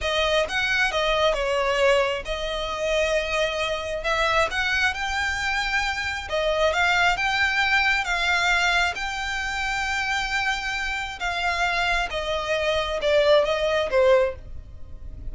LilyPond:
\new Staff \with { instrumentName = "violin" } { \time 4/4 \tempo 4 = 134 dis''4 fis''4 dis''4 cis''4~ | cis''4 dis''2.~ | dis''4 e''4 fis''4 g''4~ | g''2 dis''4 f''4 |
g''2 f''2 | g''1~ | g''4 f''2 dis''4~ | dis''4 d''4 dis''4 c''4 | }